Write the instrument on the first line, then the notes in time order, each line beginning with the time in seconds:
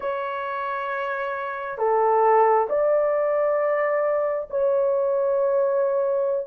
horn
0.00 C#5
1.77 A4
2.69 D5
4.49 C#5